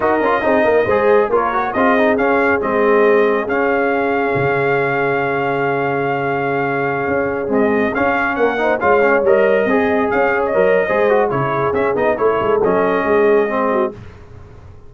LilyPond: <<
  \new Staff \with { instrumentName = "trumpet" } { \time 4/4 \tempo 4 = 138 dis''2. cis''4 | dis''4 f''4 dis''2 | f''1~ | f''1~ |
f''4~ f''16 dis''4 f''4 fis''8.~ | fis''16 f''4 dis''2 f''8. | dis''2 cis''4 e''8 dis''8 | cis''4 dis''2. | }
  \new Staff \with { instrumentName = "horn" } { \time 4/4 ais'4 gis'8 ais'8 c''4 ais'4 | gis'1~ | gis'1~ | gis'1~ |
gis'2.~ gis'16 ais'8 c''16~ | c''16 cis''2 dis''4 cis''8.~ | cis''4 c''4 gis'2 | a'2 gis'4. fis'8 | }
  \new Staff \with { instrumentName = "trombone" } { \time 4/4 fis'8 f'8 dis'4 gis'4 f'8 fis'8 | f'8 dis'8 cis'4 c'2 | cis'1~ | cis'1~ |
cis'4~ cis'16 gis4 cis'4. dis'16~ | dis'16 f'8 cis'8 ais'4 gis'4.~ gis'16~ | gis'16 ais'8. gis'8 fis'8 e'4 cis'8 dis'8 | e'4 cis'2 c'4 | }
  \new Staff \with { instrumentName = "tuba" } { \time 4/4 dis'8 cis'8 c'8 ais8 gis4 ais4 | c'4 cis'4 gis2 | cis'2 cis2~ | cis1~ |
cis16 cis'4 c'4 cis'4 ais8.~ | ais16 gis4 g4 c'4 cis'8.~ | cis'16 fis8. gis4 cis4 cis'8 b8 | a8 gis8 fis4 gis2 | }
>>